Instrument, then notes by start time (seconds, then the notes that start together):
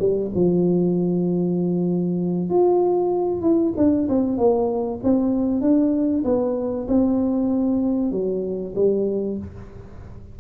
tuba
0.00 G3
0.35 F3
2.50 F4
3.42 E4
3.77 D4
4.09 C4
4.38 A#3
5.04 C4
5.62 D4
6.25 B3
6.88 C4
8.12 F#3
8.76 G3